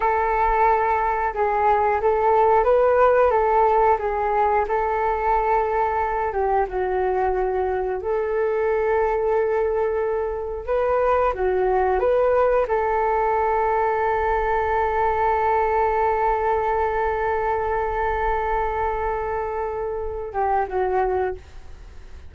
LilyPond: \new Staff \with { instrumentName = "flute" } { \time 4/4 \tempo 4 = 90 a'2 gis'4 a'4 | b'4 a'4 gis'4 a'4~ | a'4. g'8 fis'2 | a'1 |
b'4 fis'4 b'4 a'4~ | a'1~ | a'1~ | a'2~ a'8 g'8 fis'4 | }